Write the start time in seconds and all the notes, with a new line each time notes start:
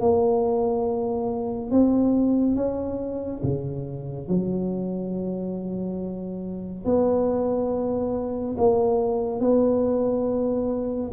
0.00 A#3
1.71 C4
2.56 C#4
3.43 C#3
4.28 F#3
6.85 B3
8.58 A#3
9.41 B3